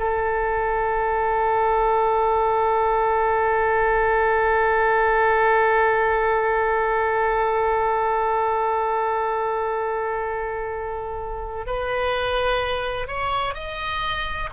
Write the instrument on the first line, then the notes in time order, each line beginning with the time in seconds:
oboe
0.00 A4
11.67 B4
13.08 C#5
13.55 D#5